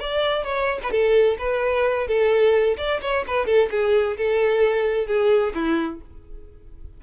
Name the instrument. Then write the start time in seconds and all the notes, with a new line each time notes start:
violin
0.00 D5
0.44 C#5
0.83 B4
0.91 A4
1.38 B4
2.08 A4
2.78 D5
3.02 C#5
3.27 B4
3.46 A4
3.71 G#4
4.17 A4
5.07 G#4
5.55 E4